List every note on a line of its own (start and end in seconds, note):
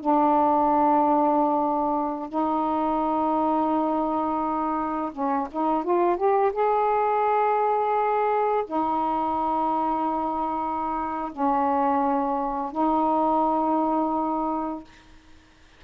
0.00 2.29 D4
2.29 5.12 D#4
5.12 5.48 C#4
5.52 5.84 D#4
5.84 6.17 F4
6.17 6.52 G4
6.53 8.65 G#4
8.67 11.32 D#4
11.32 12.72 C#4
12.72 14.84 D#4